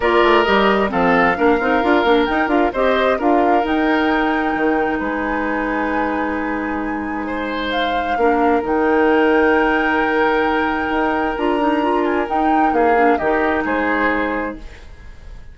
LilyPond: <<
  \new Staff \with { instrumentName = "flute" } { \time 4/4 \tempo 4 = 132 d''4 dis''4 f''2~ | f''4 g''8 f''8 dis''4 f''4 | g''2. gis''4~ | gis''1~ |
gis''4 f''2 g''4~ | g''1~ | g''4 ais''4. gis''8 g''4 | f''4 dis''4 c''2 | }
  \new Staff \with { instrumentName = "oboe" } { \time 4/4 ais'2 a'4 ais'4~ | ais'2 c''4 ais'4~ | ais'2. b'4~ | b'1 |
c''2 ais'2~ | ais'1~ | ais'1 | gis'4 g'4 gis'2 | }
  \new Staff \with { instrumentName = "clarinet" } { \time 4/4 f'4 g'4 c'4 d'8 dis'8 | f'8 d'8 dis'8 f'8 g'4 f'4 | dis'1~ | dis'1~ |
dis'2 d'4 dis'4~ | dis'1~ | dis'4 f'8 dis'8 f'4 dis'4~ | dis'8 d'8 dis'2. | }
  \new Staff \with { instrumentName = "bassoon" } { \time 4/4 ais8 a8 g4 f4 ais8 c'8 | d'8 ais8 dis'8 d'8 c'4 d'4 | dis'2 dis4 gis4~ | gis1~ |
gis2 ais4 dis4~ | dis1 | dis'4 d'2 dis'4 | ais4 dis4 gis2 | }
>>